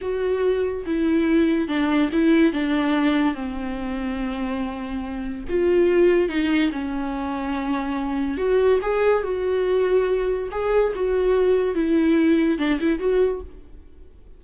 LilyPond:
\new Staff \with { instrumentName = "viola" } { \time 4/4 \tempo 4 = 143 fis'2 e'2 | d'4 e'4 d'2 | c'1~ | c'4 f'2 dis'4 |
cis'1 | fis'4 gis'4 fis'2~ | fis'4 gis'4 fis'2 | e'2 d'8 e'8 fis'4 | }